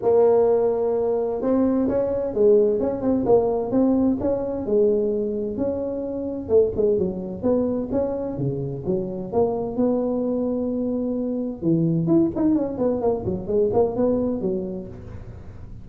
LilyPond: \new Staff \with { instrumentName = "tuba" } { \time 4/4 \tempo 4 = 129 ais2. c'4 | cis'4 gis4 cis'8 c'8 ais4 | c'4 cis'4 gis2 | cis'2 a8 gis8 fis4 |
b4 cis'4 cis4 fis4 | ais4 b2.~ | b4 e4 e'8 dis'8 cis'8 b8 | ais8 fis8 gis8 ais8 b4 fis4 | }